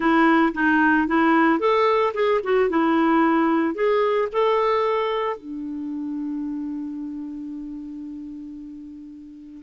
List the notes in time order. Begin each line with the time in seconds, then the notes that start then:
0.00 E4
0.54 D#4
1.07 E4
1.59 A4
2.14 G#4
2.43 F#4
2.69 E4
3.75 G#4
4.32 A4
5.36 D4